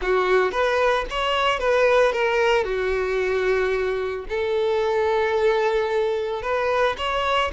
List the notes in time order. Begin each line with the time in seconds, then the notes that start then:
0.01 F#4
0.51 B4
1.10 C#5
1.59 B4
2.12 A#4
2.64 F#4
4.29 A4
6.42 B4
6.97 C#5